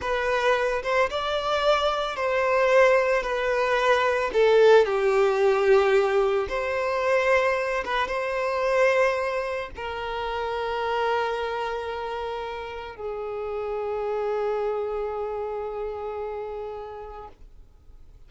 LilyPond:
\new Staff \with { instrumentName = "violin" } { \time 4/4 \tempo 4 = 111 b'4. c''8 d''2 | c''2 b'2 | a'4 g'2. | c''2~ c''8 b'8 c''4~ |
c''2 ais'2~ | ais'1 | gis'1~ | gis'1 | }